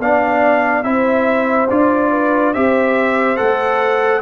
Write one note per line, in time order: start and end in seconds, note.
0.00 0.84 B3
0.00 0.84 D4
0.00 0.85 D5
0.00 0.83 F5
0.83 1.68 C4
0.83 1.68 E4
0.83 2.11 C5
0.83 1.68 E5
1.70 2.55 D4
1.70 2.55 F4
1.70 2.54 D5
2.11 2.54 B4
2.54 3.40 C4
2.54 3.37 G4
2.54 4.22 C5
2.54 3.37 E5
3.37 4.22 A3
3.37 4.21 A4
3.37 4.22 F#5